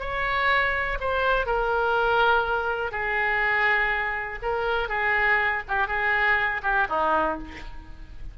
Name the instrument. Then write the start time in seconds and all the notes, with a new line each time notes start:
oboe
0.00 C#5
1.00 C5
1.46 A#4
2.92 G#4
4.42 A#4
4.89 G#4
5.68 G4
5.87 G#4
6.63 G4
6.89 D#4